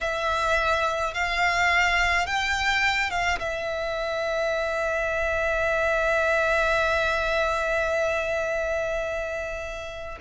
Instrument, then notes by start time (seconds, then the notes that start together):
violin
0.01 E5
1.13 F5
2.26 G5
3.10 F5
3.39 E5